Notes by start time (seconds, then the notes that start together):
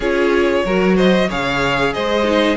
0.00 C#4 F4 G#4 C#5
0.65 F#3 F#4 A#4
0.96 C5 D#5
1.28 C#3 G#4 C#5 F5
1.93 G#3 C5 D#5
2.24 D#4